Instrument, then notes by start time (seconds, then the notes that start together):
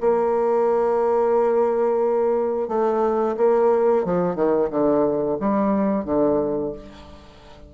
bassoon
0.00 A#3
2.68 A3
3.37 A#3
4.04 F3
4.35 D#3
4.70 D3
5.39 G3
6.04 D3